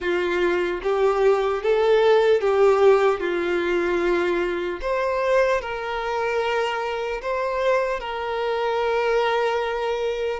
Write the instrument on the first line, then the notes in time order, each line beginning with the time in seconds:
violin
0.00 F4
0.82 G4
1.62 A4
2.40 G4
3.20 F4
4.81 C5
5.61 A#4
7.21 C5
8.00 A#4